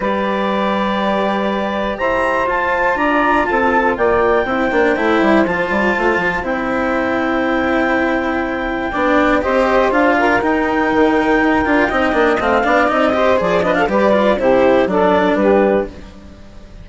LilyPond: <<
  \new Staff \with { instrumentName = "clarinet" } { \time 4/4 \tempo 4 = 121 d''1 | ais''4 a''4 ais''4 a''4 | g''2. a''4~ | a''4 g''2.~ |
g''2. dis''4 | f''4 g''2.~ | g''4 f''4 dis''4 d''8 dis''16 f''16 | d''4 c''4 d''4 b'4 | }
  \new Staff \with { instrumentName = "saxophone" } { \time 4/4 b'1 | c''2 d''4 a'4 | d''4 c''2.~ | c''1~ |
c''2 d''4 c''4~ | c''8 ais'2.~ ais'8 | dis''4. d''4 c''4 b'16 a'16 | b'4 g'4 a'4 g'4 | }
  \new Staff \with { instrumentName = "cello" } { \time 4/4 g'1~ | g'4 f'2.~ | f'4 e'8 d'8 e'4 f'4~ | f'4 e'2.~ |
e'2 d'4 g'4 | f'4 dis'2~ dis'8 f'8 | dis'8 d'8 c'8 d'8 dis'8 g'8 gis'8 d'8 | g'8 f'8 e'4 d'2 | }
  \new Staff \with { instrumentName = "bassoon" } { \time 4/4 g1 | e'4 f'4 d'4 c'4 | ais4 c'8 ais8 a8 g8 f8 g8 | a8 f8 c'2.~ |
c'2 b4 c'4 | d'4 dis'4 dis4 dis'8 d'8 | c'8 ais8 a8 b8 c'4 f4 | g4 c4 fis4 g4 | }
>>